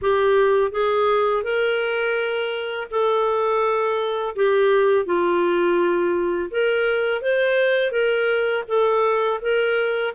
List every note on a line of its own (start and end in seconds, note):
0.01 0.71 G4
0.71 1.43 G#4
1.43 2.87 A#4
2.90 4.35 A4
4.35 5.05 G4
5.05 6.50 F4
6.50 7.21 A#4
7.21 7.91 C5
7.91 8.64 A#4
8.67 9.40 A4
9.41 10.14 A#4